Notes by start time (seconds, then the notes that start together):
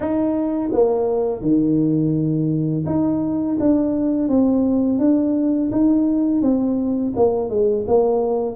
0.00 D#4
0.72 A#3
1.41 D#3
2.86 D#4
3.59 D4
4.28 C4
4.98 D4
5.71 D#4
6.41 C4
7.16 A#3
7.49 G#3
7.87 A#3